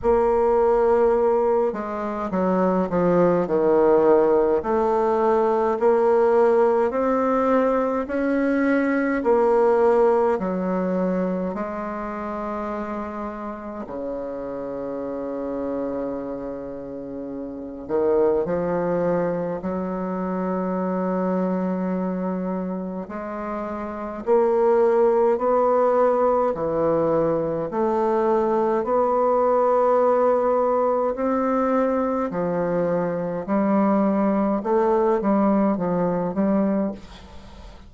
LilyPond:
\new Staff \with { instrumentName = "bassoon" } { \time 4/4 \tempo 4 = 52 ais4. gis8 fis8 f8 dis4 | a4 ais4 c'4 cis'4 | ais4 fis4 gis2 | cis2.~ cis8 dis8 |
f4 fis2. | gis4 ais4 b4 e4 | a4 b2 c'4 | f4 g4 a8 g8 f8 g8 | }